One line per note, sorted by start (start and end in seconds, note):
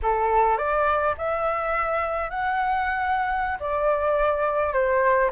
0.02 0.57 A4
0.57 1.14 D5
1.17 2.30 E5
2.30 3.58 F#5
3.59 4.73 D5
4.73 5.30 C5